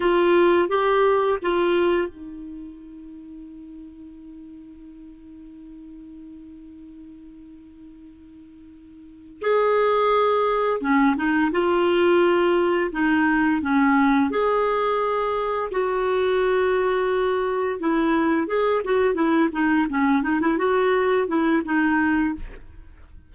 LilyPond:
\new Staff \with { instrumentName = "clarinet" } { \time 4/4 \tempo 4 = 86 f'4 g'4 f'4 dis'4~ | dis'1~ | dis'1~ | dis'4. gis'2 cis'8 |
dis'8 f'2 dis'4 cis'8~ | cis'8 gis'2 fis'4.~ | fis'4. e'4 gis'8 fis'8 e'8 | dis'8 cis'8 dis'16 e'16 fis'4 e'8 dis'4 | }